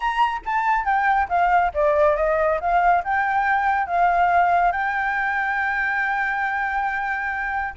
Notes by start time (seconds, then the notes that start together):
0.00 A#5
0.45 A5
0.85 G5
1.28 F5
1.73 D5
2.16 D#5
2.60 F5
3.04 G5
3.87 F5
4.72 G5